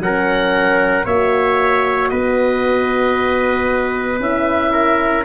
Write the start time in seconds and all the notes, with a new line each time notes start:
0.00 F#3 C#4 A#4 F#5
1.05 A#3 F#4 C#5 E5
2.09 B3 B4 D#5
4.20 C#4 E4 E5
4.73 A#4